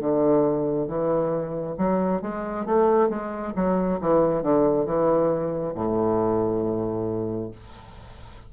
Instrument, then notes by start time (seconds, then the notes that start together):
bassoon
0.00 D3
0.88 E3
1.78 F#3
2.22 G#3
2.66 A3
3.09 G#3
3.55 F#3
4.01 E3
4.42 D3
4.86 E3
5.75 A2